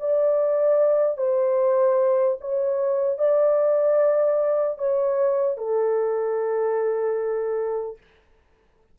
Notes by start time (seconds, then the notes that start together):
0.00 D5
1.17 C5
2.41 C#5
3.18 D5
4.79 C#5
5.57 A4